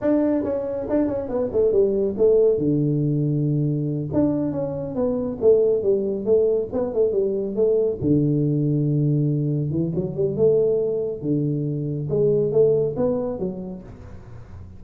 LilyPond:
\new Staff \with { instrumentName = "tuba" } { \time 4/4 \tempo 4 = 139 d'4 cis'4 d'8 cis'8 b8 a8 | g4 a4 d2~ | d4. d'4 cis'4 b8~ | b8 a4 g4 a4 b8 |
a8 g4 a4 d4.~ | d2~ d8 e8 fis8 g8 | a2 d2 | gis4 a4 b4 fis4 | }